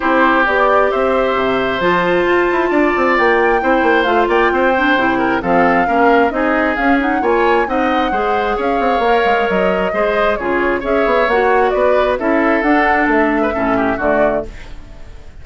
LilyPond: <<
  \new Staff \with { instrumentName = "flute" } { \time 4/4 \tempo 4 = 133 c''4 d''4 e''2 | a''2. g''4~ | g''4 f''8 g''2~ g''8 | f''2 dis''4 f''8 fis''8 |
gis''4 fis''2 f''4~ | f''4 dis''2 cis''4 | e''4 fis''4 d''4 e''4 | fis''4 e''2 d''4 | }
  \new Staff \with { instrumentName = "oboe" } { \time 4/4 g'2 c''2~ | c''2 d''2 | c''4. d''8 c''4. ais'8 | a'4 ais'4 gis'2 |
cis''4 dis''4 c''4 cis''4~ | cis''2 c''4 gis'4 | cis''2 b'4 a'4~ | a'4.~ a'16 b'16 a'8 g'8 fis'4 | }
  \new Staff \with { instrumentName = "clarinet" } { \time 4/4 e'4 g'2. | f'1 | e'4 f'4. d'8 e'4 | c'4 cis'4 dis'4 cis'8 dis'8 |
f'4 dis'4 gis'2 | ais'2 gis'4 f'4 | gis'4 fis'2 e'4 | d'2 cis'4 a4 | }
  \new Staff \with { instrumentName = "bassoon" } { \time 4/4 c'4 b4 c'4 c4 | f4 f'8 e'8 d'8 c'8 ais4 | c'8 ais8 a8 ais8 c'4 c4 | f4 ais4 c'4 cis'4 |
ais4 c'4 gis4 cis'8 c'8 | ais8 gis8 fis4 gis4 cis4 | cis'8 b8 ais4 b4 cis'4 | d'4 a4 a,4 d4 | }
>>